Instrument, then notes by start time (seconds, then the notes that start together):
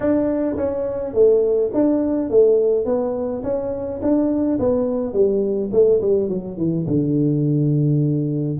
tuba
0.00 D4
0.56 C#4
1.13 A3
1.73 D4
2.29 A3
2.85 B3
3.43 C#4
4.02 D4
4.59 B3
5.13 G3
5.72 A3
6.01 G3
6.28 F#3
6.57 E3
6.86 D3